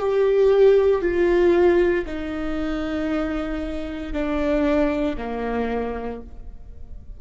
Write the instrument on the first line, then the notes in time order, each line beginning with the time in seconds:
viola
0.00 G4
1.02 F4
2.06 D#4
4.13 D4
5.18 A#3